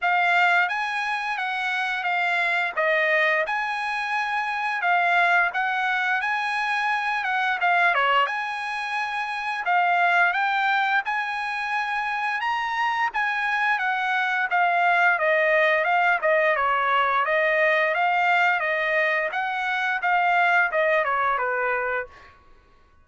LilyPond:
\new Staff \with { instrumentName = "trumpet" } { \time 4/4 \tempo 4 = 87 f''4 gis''4 fis''4 f''4 | dis''4 gis''2 f''4 | fis''4 gis''4. fis''8 f''8 cis''8 | gis''2 f''4 g''4 |
gis''2 ais''4 gis''4 | fis''4 f''4 dis''4 f''8 dis''8 | cis''4 dis''4 f''4 dis''4 | fis''4 f''4 dis''8 cis''8 b'4 | }